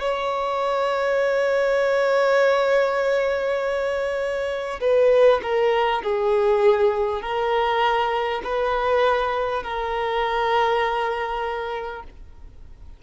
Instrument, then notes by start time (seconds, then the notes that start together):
violin
0.00 C#5
4.81 B4
5.42 A#4
6.03 G#4
7.22 A#4
8.44 B4
9.63 A#4